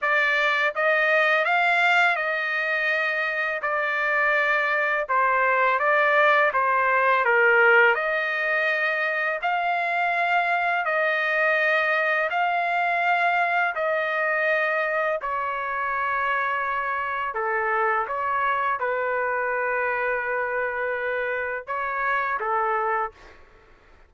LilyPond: \new Staff \with { instrumentName = "trumpet" } { \time 4/4 \tempo 4 = 83 d''4 dis''4 f''4 dis''4~ | dis''4 d''2 c''4 | d''4 c''4 ais'4 dis''4~ | dis''4 f''2 dis''4~ |
dis''4 f''2 dis''4~ | dis''4 cis''2. | a'4 cis''4 b'2~ | b'2 cis''4 a'4 | }